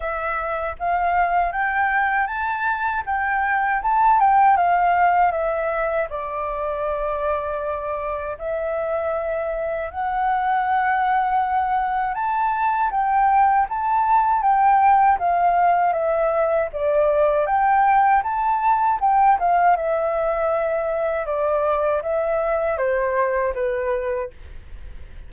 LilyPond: \new Staff \with { instrumentName = "flute" } { \time 4/4 \tempo 4 = 79 e''4 f''4 g''4 a''4 | g''4 a''8 g''8 f''4 e''4 | d''2. e''4~ | e''4 fis''2. |
a''4 g''4 a''4 g''4 | f''4 e''4 d''4 g''4 | a''4 g''8 f''8 e''2 | d''4 e''4 c''4 b'4 | }